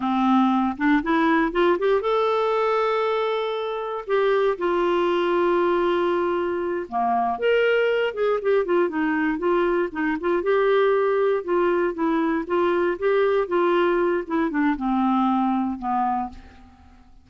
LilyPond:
\new Staff \with { instrumentName = "clarinet" } { \time 4/4 \tempo 4 = 118 c'4. d'8 e'4 f'8 g'8 | a'1 | g'4 f'2.~ | f'4. ais4 ais'4. |
gis'8 g'8 f'8 dis'4 f'4 dis'8 | f'8 g'2 f'4 e'8~ | e'8 f'4 g'4 f'4. | e'8 d'8 c'2 b4 | }